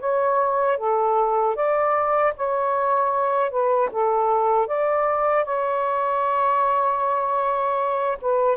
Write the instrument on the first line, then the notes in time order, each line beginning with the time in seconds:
saxophone
0.00 C#5
0.78 A4
1.55 D5
2.37 C#5
3.51 B4
3.92 A4
4.68 D5
5.45 C#5
8.22 B4